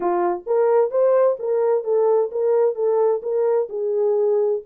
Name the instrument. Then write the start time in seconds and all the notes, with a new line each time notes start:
horn
0.00 F4
0.46 A#4
0.90 C5
1.39 A#4
1.84 A4
2.31 A#4
2.75 A4
3.22 A#4
3.69 G#4